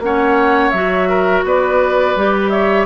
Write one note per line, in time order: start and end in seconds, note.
0.00 0.71 A#3
0.00 0.75 C#4
0.00 1.10 C#5
0.00 0.71 F#5
0.71 1.44 F#3
0.71 2.17 F#4
0.71 1.43 E5
1.10 1.45 A#4
1.45 2.16 B3
1.45 2.52 B4
1.45 2.50 D5
2.16 2.87 G3
2.16 2.87 G4
2.50 2.87 C#5
2.50 2.86 E5